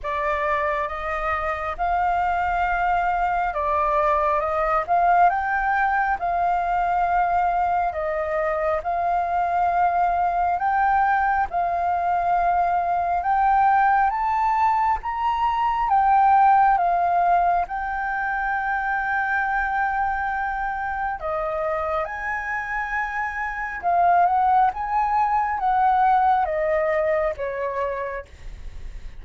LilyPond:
\new Staff \with { instrumentName = "flute" } { \time 4/4 \tempo 4 = 68 d''4 dis''4 f''2 | d''4 dis''8 f''8 g''4 f''4~ | f''4 dis''4 f''2 | g''4 f''2 g''4 |
a''4 ais''4 g''4 f''4 | g''1 | dis''4 gis''2 f''8 fis''8 | gis''4 fis''4 dis''4 cis''4 | }